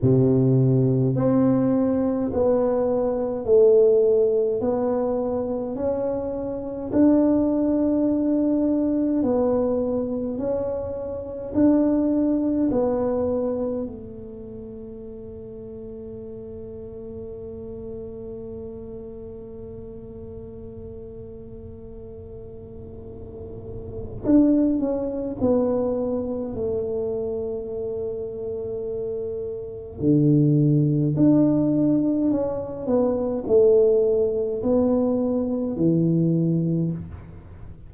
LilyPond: \new Staff \with { instrumentName = "tuba" } { \time 4/4 \tempo 4 = 52 c4 c'4 b4 a4 | b4 cis'4 d'2 | b4 cis'4 d'4 b4 | a1~ |
a1~ | a4 d'8 cis'8 b4 a4~ | a2 d4 d'4 | cis'8 b8 a4 b4 e4 | }